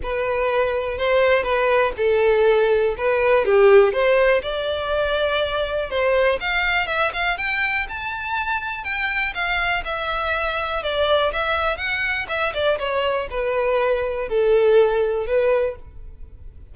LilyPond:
\new Staff \with { instrumentName = "violin" } { \time 4/4 \tempo 4 = 122 b'2 c''4 b'4 | a'2 b'4 g'4 | c''4 d''2. | c''4 f''4 e''8 f''8 g''4 |
a''2 g''4 f''4 | e''2 d''4 e''4 | fis''4 e''8 d''8 cis''4 b'4~ | b'4 a'2 b'4 | }